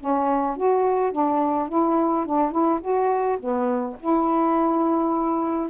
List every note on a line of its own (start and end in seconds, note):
0.00 0.57 C#4
0.57 1.12 F#4
1.12 1.69 D4
1.69 2.26 E4
2.26 2.52 D4
2.52 2.80 E4
2.81 3.38 F#4
3.39 3.97 B3
4.00 5.70 E4